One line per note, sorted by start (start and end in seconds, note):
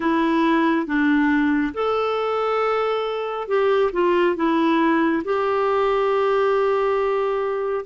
0.00 0.86 E4
0.86 1.73 D4
1.74 3.47 A4
3.47 3.91 G4
3.92 4.36 F4
4.36 5.23 E4
5.24 7.85 G4